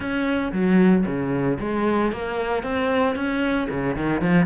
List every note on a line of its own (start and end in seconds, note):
0.00 0.52 C#4
0.52 1.05 F#3
1.06 1.58 C#3
1.59 2.12 G#3
2.12 2.63 A#3
2.63 3.15 C4
3.15 3.68 C#4
3.70 3.96 C#3
3.96 4.21 D#3
4.21 4.46 F3